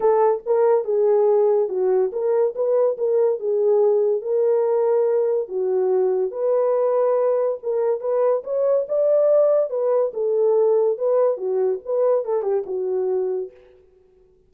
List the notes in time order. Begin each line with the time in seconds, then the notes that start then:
0.00 A4
0.46 A#4
0.84 G#4
1.68 F#4
2.12 A#4
2.55 B4
2.97 A#4
3.39 G#4
4.21 A#4
5.48 F#4
6.31 B4
7.63 A#4
8.00 B4
8.44 C#5
8.88 D5
9.70 B4
10.13 A4
10.97 B4
11.37 F#4
11.85 B4
12.24 A4
12.42 G4
12.66 F#4